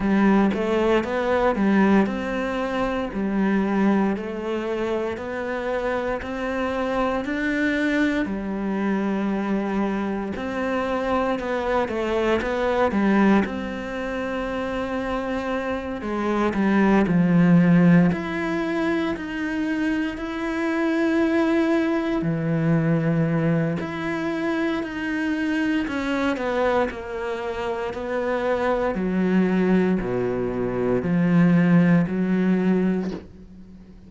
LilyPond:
\new Staff \with { instrumentName = "cello" } { \time 4/4 \tempo 4 = 58 g8 a8 b8 g8 c'4 g4 | a4 b4 c'4 d'4 | g2 c'4 b8 a8 | b8 g8 c'2~ c'8 gis8 |
g8 f4 e'4 dis'4 e'8~ | e'4. e4. e'4 | dis'4 cis'8 b8 ais4 b4 | fis4 b,4 f4 fis4 | }